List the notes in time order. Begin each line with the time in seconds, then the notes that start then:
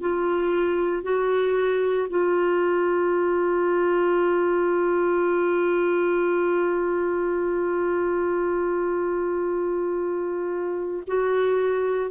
0.00 F4
1.02 F#4
2.09 F4
11.07 F#4